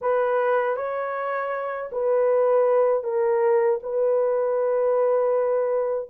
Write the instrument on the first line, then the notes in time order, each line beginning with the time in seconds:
horn
0.01 B4
0.76 C#5
1.92 B4
3.03 A#4
3.83 B4